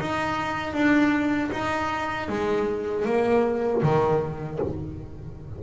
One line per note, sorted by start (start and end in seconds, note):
0.00 0.73 D#4
0.73 1.50 D4
1.52 2.29 D#4
2.29 3.05 G#3
3.05 3.82 A#3
3.83 4.59 D#3